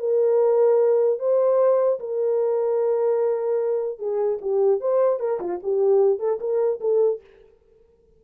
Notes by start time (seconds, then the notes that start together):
0.00 A#4
1.20 C5
2.00 A#4
3.99 G#4
4.42 G4
4.81 C5
5.20 A#4
5.40 F4
5.63 G4
6.20 A4
6.40 A#4
6.81 A4